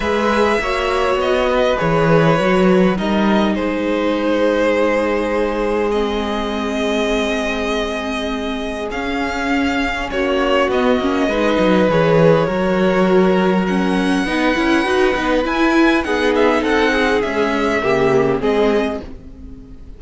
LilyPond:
<<
  \new Staff \with { instrumentName = "violin" } { \time 4/4 \tempo 4 = 101 e''2 dis''4 cis''4~ | cis''4 dis''4 c''2~ | c''2 dis''2~ | dis''2. f''4~ |
f''4 cis''4 dis''2 | cis''2. fis''4~ | fis''2 gis''4 fis''8 e''8 | fis''4 e''2 dis''4 | }
  \new Staff \with { instrumentName = "violin" } { \time 4/4 b'4 cis''4. b'4.~ | b'4 ais'4 gis'2~ | gis'1~ | gis'1~ |
gis'4 fis'2 b'4~ | b'4 ais'2. | b'2. gis'4 | a'8 gis'4. g'4 gis'4 | }
  \new Staff \with { instrumentName = "viola" } { \time 4/4 gis'4 fis'2 gis'4 | fis'4 dis'2.~ | dis'2 c'2~ | c'2. cis'4~ |
cis'2 b8 cis'8 dis'4 | gis'4 fis'2 cis'4 | dis'8 e'8 fis'8 dis'8 e'4 dis'4~ | dis'4 gis4 ais4 c'4 | }
  \new Staff \with { instrumentName = "cello" } { \time 4/4 gis4 ais4 b4 e4 | fis4 g4 gis2~ | gis1~ | gis2. cis'4~ |
cis'4 ais4 b8 ais8 gis8 fis8 | e4 fis2. | b8 cis'8 dis'8 b8 e'4 b4 | c'4 cis'4 cis4 gis4 | }
>>